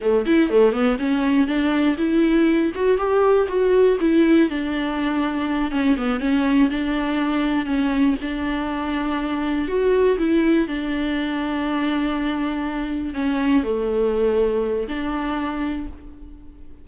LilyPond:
\new Staff \with { instrumentName = "viola" } { \time 4/4 \tempo 4 = 121 a8 e'8 a8 b8 cis'4 d'4 | e'4. fis'8 g'4 fis'4 | e'4 d'2~ d'8 cis'8 | b8 cis'4 d'2 cis'8~ |
cis'8 d'2. fis'8~ | fis'8 e'4 d'2~ d'8~ | d'2~ d'8 cis'4 a8~ | a2 d'2 | }